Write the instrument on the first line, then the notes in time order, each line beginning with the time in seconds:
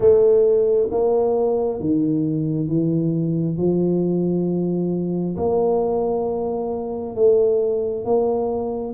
tuba
0.00 A3
0.90 A#3
1.80 D#3
2.68 E3
3.57 F3
5.36 A#3
7.15 A3
8.04 A#3